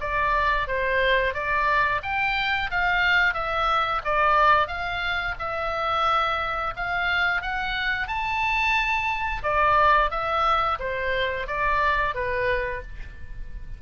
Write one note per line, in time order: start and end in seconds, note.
0.00 0.67 D5
0.67 1.34 C5
1.34 2.01 D5
2.03 2.70 G5
2.70 3.34 F5
3.34 4.01 E5
4.04 4.67 D5
4.67 5.35 F5
5.39 6.74 E5
6.76 7.42 F5
7.42 8.07 F#5
8.07 9.42 A5
9.43 10.10 D5
10.11 10.78 E5
10.80 11.47 C5
11.47 12.14 D5
12.14 12.82 B4